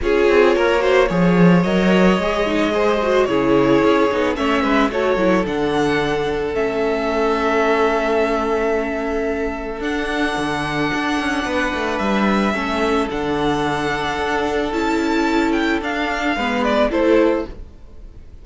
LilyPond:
<<
  \new Staff \with { instrumentName = "violin" } { \time 4/4 \tempo 4 = 110 cis''2. dis''4~ | dis''2 cis''2 | e''4 cis''4 fis''2 | e''1~ |
e''2 fis''2~ | fis''2 e''2 | fis''2. a''4~ | a''8 g''8 f''4. d''8 c''4 | }
  \new Staff \with { instrumentName = "violin" } { \time 4/4 gis'4 ais'8 c''8 cis''2~ | cis''4 c''4 gis'2 | cis''8 b'8 a'2.~ | a'1~ |
a'1~ | a'4 b'2 a'4~ | a'1~ | a'2 b'4 a'4 | }
  \new Staff \with { instrumentName = "viola" } { \time 4/4 f'4. fis'8 gis'4 ais'4 | gis'8 dis'8 gis'8 fis'8 e'4. dis'8 | cis'4 fis'8 e'8 d'2 | cis'1~ |
cis'2 d'2~ | d'2. cis'4 | d'2. e'4~ | e'4 d'4 b4 e'4 | }
  \new Staff \with { instrumentName = "cello" } { \time 4/4 cis'8 c'8 ais4 f4 fis4 | gis2 cis4 cis'8 b8 | a8 gis8 a8 fis8 d2 | a1~ |
a2 d'4 d4 | d'8 cis'8 b8 a8 g4 a4 | d2 d'4 cis'4~ | cis'4 d'4 gis4 a4 | }
>>